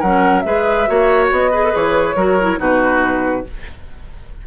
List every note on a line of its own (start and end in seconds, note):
0.00 0.46 F#3
0.00 0.45 C#4
0.00 0.43 A#4
0.00 0.41 F#5
0.41 0.89 G#3
0.41 0.87 G#4
0.41 0.89 B4
0.41 1.27 E5
0.87 1.31 A#3
0.87 1.52 F#4
0.87 1.51 C#5
1.31 1.75 B3
1.31 1.76 D#5
1.51 1.64 G#4
1.51 2.16 B4
1.64 1.72 A4
1.72 2.16 E3
1.72 2.15 G#4
1.72 2.61 C#5
2.16 2.59 F#3
2.16 2.39 F#4
2.16 2.59 A#4
2.41 2.58 E4
2.58 3.46 B2
2.58 3.44 D#4
2.58 3.46 F#4
2.58 3.47 B4